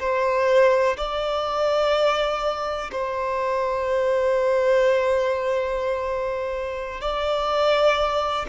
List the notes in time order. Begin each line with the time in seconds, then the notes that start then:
0.00 C5
0.97 D5
2.92 C5
7.01 D5